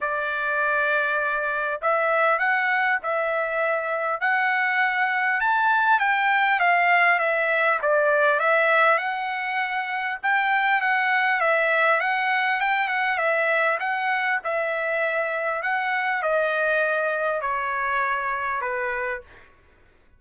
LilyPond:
\new Staff \with { instrumentName = "trumpet" } { \time 4/4 \tempo 4 = 100 d''2. e''4 | fis''4 e''2 fis''4~ | fis''4 a''4 g''4 f''4 | e''4 d''4 e''4 fis''4~ |
fis''4 g''4 fis''4 e''4 | fis''4 g''8 fis''8 e''4 fis''4 | e''2 fis''4 dis''4~ | dis''4 cis''2 b'4 | }